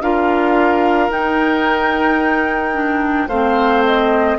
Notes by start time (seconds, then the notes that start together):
0.00 D4 F4 A#4 F5
1.10 D#4 G5
2.73 D4
3.28 A3 C4 C5 F5
3.85 D#5